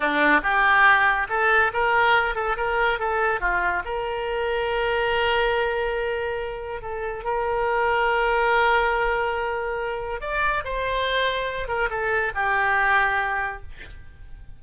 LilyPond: \new Staff \with { instrumentName = "oboe" } { \time 4/4 \tempo 4 = 141 d'4 g'2 a'4 | ais'4. a'8 ais'4 a'4 | f'4 ais'2.~ | ais'1 |
a'4 ais'2.~ | ais'1 | d''4 c''2~ c''8 ais'8 | a'4 g'2. | }